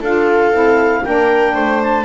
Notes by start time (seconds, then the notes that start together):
0.00 D4 F4 A4 F5
0.51 C4 E4
1.05 A#3 D4 A#4 G5
1.54 A3 C5
1.82 A5